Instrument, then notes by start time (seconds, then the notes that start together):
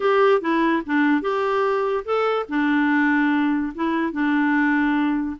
clarinet
0.00 G4
0.41 E4
0.86 D4
1.21 G4
2.04 A4
2.48 D4
3.74 E4
4.12 D4